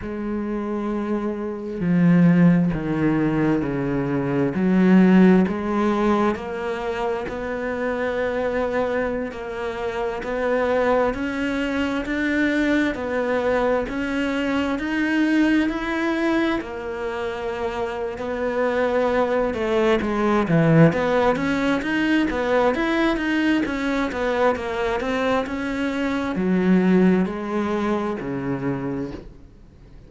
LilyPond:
\new Staff \with { instrumentName = "cello" } { \time 4/4 \tempo 4 = 66 gis2 f4 dis4 | cis4 fis4 gis4 ais4 | b2~ b16 ais4 b8.~ | b16 cis'4 d'4 b4 cis'8.~ |
cis'16 dis'4 e'4 ais4.~ ais16 | b4. a8 gis8 e8 b8 cis'8 | dis'8 b8 e'8 dis'8 cis'8 b8 ais8 c'8 | cis'4 fis4 gis4 cis4 | }